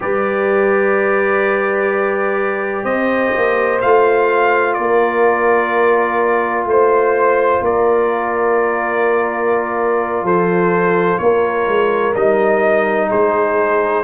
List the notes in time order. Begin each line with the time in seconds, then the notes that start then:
0.00 G3 G4 B4 D5
2.83 C4 C5 D#5
3.36 A#3
3.81 A3 F4 F5
4.73 A#3 A#4 D5
6.64 A3 C5
7.60 A#3 A#4 D5
10.22 F3 A4 C5
11.18 A#3 A#4 C#5
11.66 G#3
12.14 G3 D#4 D#5
13.08 G#3 G#4 C5